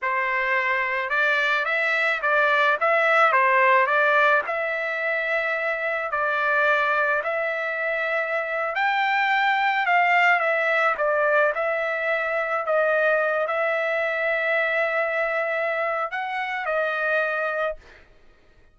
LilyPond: \new Staff \with { instrumentName = "trumpet" } { \time 4/4 \tempo 4 = 108 c''2 d''4 e''4 | d''4 e''4 c''4 d''4 | e''2. d''4~ | d''4 e''2~ e''8. g''16~ |
g''4.~ g''16 f''4 e''4 d''16~ | d''8. e''2 dis''4~ dis''16~ | dis''16 e''2.~ e''8.~ | e''4 fis''4 dis''2 | }